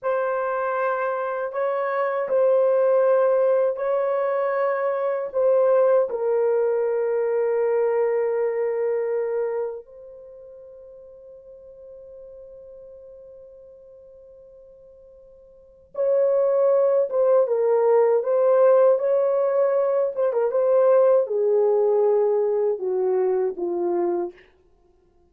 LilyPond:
\new Staff \with { instrumentName = "horn" } { \time 4/4 \tempo 4 = 79 c''2 cis''4 c''4~ | c''4 cis''2 c''4 | ais'1~ | ais'4 c''2.~ |
c''1~ | c''4 cis''4. c''8 ais'4 | c''4 cis''4. c''16 ais'16 c''4 | gis'2 fis'4 f'4 | }